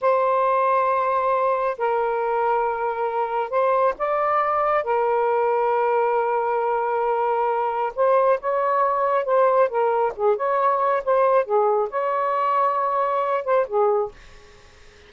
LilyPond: \new Staff \with { instrumentName = "saxophone" } { \time 4/4 \tempo 4 = 136 c''1 | ais'1 | c''4 d''2 ais'4~ | ais'1~ |
ais'2 c''4 cis''4~ | cis''4 c''4 ais'4 gis'8 cis''8~ | cis''4 c''4 gis'4 cis''4~ | cis''2~ cis''8 c''8 gis'4 | }